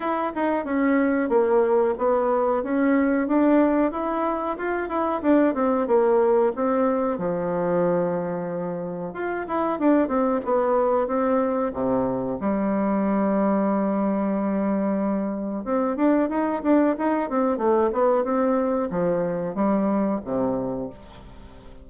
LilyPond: \new Staff \with { instrumentName = "bassoon" } { \time 4/4 \tempo 4 = 92 e'8 dis'8 cis'4 ais4 b4 | cis'4 d'4 e'4 f'8 e'8 | d'8 c'8 ais4 c'4 f4~ | f2 f'8 e'8 d'8 c'8 |
b4 c'4 c4 g4~ | g1 | c'8 d'8 dis'8 d'8 dis'8 c'8 a8 b8 | c'4 f4 g4 c4 | }